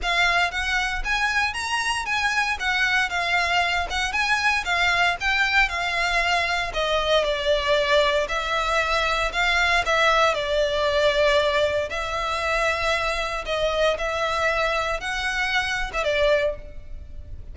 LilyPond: \new Staff \with { instrumentName = "violin" } { \time 4/4 \tempo 4 = 116 f''4 fis''4 gis''4 ais''4 | gis''4 fis''4 f''4. fis''8 | gis''4 f''4 g''4 f''4~ | f''4 dis''4 d''2 |
e''2 f''4 e''4 | d''2. e''4~ | e''2 dis''4 e''4~ | e''4 fis''4.~ fis''16 e''16 d''4 | }